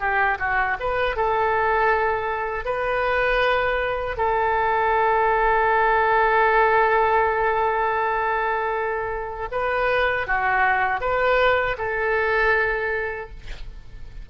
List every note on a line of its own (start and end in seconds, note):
0.00 0.38 G4
0.39 0.77 F#4
0.80 1.16 B4
1.16 2.65 A4
2.65 4.17 B4
4.17 9.49 A4
9.51 10.27 B4
10.27 11.01 F#4
11.01 11.77 B4
11.78 13.30 A4